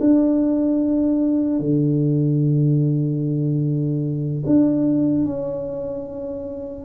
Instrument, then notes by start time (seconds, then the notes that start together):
tuba
0.00 D4
1.60 D3
4.46 D4
5.25 C#4